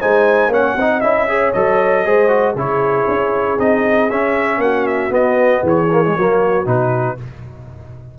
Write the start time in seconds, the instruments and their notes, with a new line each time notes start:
0.00 tuba G#3, trombone D#4, horn C5, trumpet G#5
0.48 tuba A#3, trombone C#4, horn C#5, trumpet F#5
0.76 tuba C4, trombone D#4, horn D#5
1.01 tuba C#4, trombone E4, trumpet E5
1.28 trombone G#4, horn C#5
1.53 tuba F#3, trombone A4, trumpet D#5
2.05 tuba G#3, trombone G#4, horn C5
2.28 trombone F#4
2.54 tuba C#3, trombone E4, horn G#4, trumpet C#5
3.07 tuba C#4
3.58 tuba C4, trombone D#4, trumpet D#5
4.10 tuba C#4, trombone C#4, trumpet E5
4.58 tuba A#3, horn F#4, trumpet F#5
4.87 trumpet E5
5.10 tuba B3, trombone B3, trumpet D#5
5.62 tuba E3, horn G#4, trumpet C#5
5.92 trombone A#3
6.05 trombone G#3
6.15 tuba F#3, trombone A#3, horn F#4
6.65 tuba B2, trombone D#4, trumpet B4